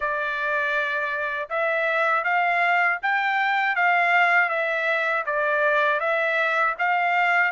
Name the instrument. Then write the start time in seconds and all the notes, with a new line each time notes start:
trumpet
0.00 D5
1.49 E5
2.24 F5
3.02 G5
3.75 F5
4.49 E5
5.25 D5
6.00 E5
6.78 F5